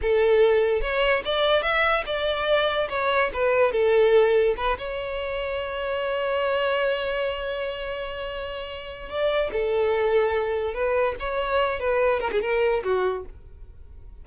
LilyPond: \new Staff \with { instrumentName = "violin" } { \time 4/4 \tempo 4 = 145 a'2 cis''4 d''4 | e''4 d''2 cis''4 | b'4 a'2 b'8 cis''8~ | cis''1~ |
cis''1~ | cis''2 d''4 a'4~ | a'2 b'4 cis''4~ | cis''8 b'4 ais'16 gis'16 ais'4 fis'4 | }